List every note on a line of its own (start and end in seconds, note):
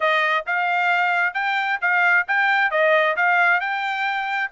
0.00 0.45 D#5
0.46 1.34 F5
1.34 1.79 G5
1.81 2.26 F5
2.27 2.70 G5
2.70 3.16 D#5
3.16 3.60 F5
3.60 4.50 G5